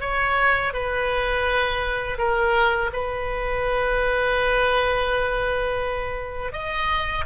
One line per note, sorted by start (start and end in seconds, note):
0.00 0.72 C#5
0.73 2.17 B4
2.18 2.90 A#4
2.92 6.52 B4
6.52 7.24 D#5